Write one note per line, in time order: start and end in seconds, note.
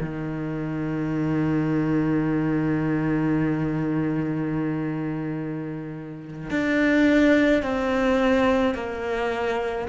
0.00 6.50 D#3
6.50 7.62 D4
7.62 8.74 C4
8.74 9.87 A#3